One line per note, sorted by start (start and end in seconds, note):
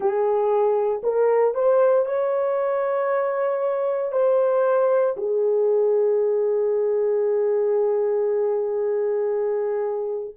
0.00 1.01 G#4
1.03 1.54 A#4
1.54 2.05 C5
2.05 4.11 C#5
4.11 5.15 C5
5.17 10.34 G#4